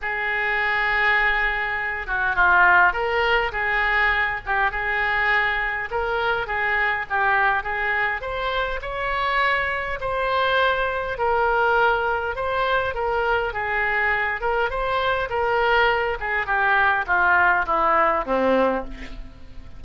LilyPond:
\new Staff \with { instrumentName = "oboe" } { \time 4/4 \tempo 4 = 102 gis'2.~ gis'8 fis'8 | f'4 ais'4 gis'4. g'8 | gis'2 ais'4 gis'4 | g'4 gis'4 c''4 cis''4~ |
cis''4 c''2 ais'4~ | ais'4 c''4 ais'4 gis'4~ | gis'8 ais'8 c''4 ais'4. gis'8 | g'4 f'4 e'4 c'4 | }